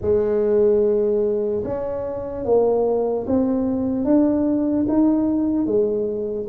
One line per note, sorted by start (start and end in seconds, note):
0.01 1.63 G#3
1.64 2.45 C#4
2.45 3.26 A#3
3.27 4.04 C4
4.04 4.85 D4
4.88 5.65 D#4
5.65 6.46 G#3